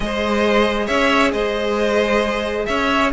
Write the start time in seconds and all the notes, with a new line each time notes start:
0.00 G#3 G#4 C5 D#5
0.86 C#4 C#5 E5
1.32 G#3 C5 D#5
2.65 C#4 C#5 E5